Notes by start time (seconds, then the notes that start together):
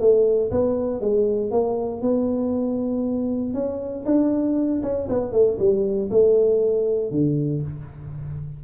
0.00 A3
0.51 B3
1.01 G#3
1.51 A#3
2.02 B3
3.54 C#4
4.06 D4
4.83 C#4
5.09 B3
5.33 A3
5.59 G3
6.11 A3
7.11 D3